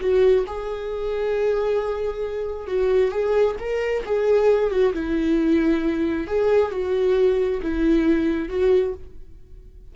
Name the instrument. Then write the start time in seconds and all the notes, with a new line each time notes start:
viola
0.00 F#4
0.47 G#4
2.67 F#4
3.11 G#4
3.59 A#4
4.05 G#4
4.71 F#4
4.93 E4
6.27 G#4
6.71 F#4
7.62 E4
8.49 F#4